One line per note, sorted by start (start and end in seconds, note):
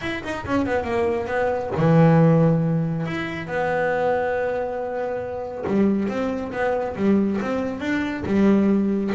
0.01 0.23 E4
0.23 0.45 D#4
0.45 0.66 C#4
0.66 0.84 B3
0.84 1.26 A#3
1.26 1.70 B3
1.77 3.06 E3
3.06 3.47 E4
3.47 5.64 B3
5.67 6.08 G3
6.08 6.52 C4
6.52 6.95 B3
6.96 7.39 G3
7.41 7.80 C4
7.80 8.23 D4
8.26 9.13 G3